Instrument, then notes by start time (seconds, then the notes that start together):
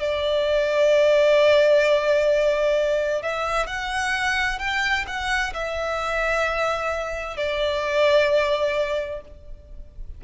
violin
0.00 D5
3.23 E5
3.67 F#5
4.59 G5
5.07 F#5
5.54 E5
7.37 D5